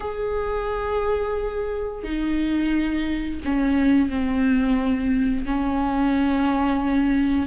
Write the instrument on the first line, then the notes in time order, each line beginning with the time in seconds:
viola
0.00 G#4
2.03 D#4
3.44 C#4
4.09 C4
5.45 C#4